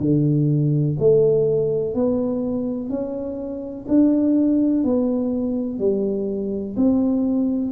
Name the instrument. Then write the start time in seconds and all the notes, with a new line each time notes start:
tuba
0.00 D3
0.99 A3
1.94 B3
2.90 C#4
3.88 D4
4.84 B3
5.79 G3
6.77 C4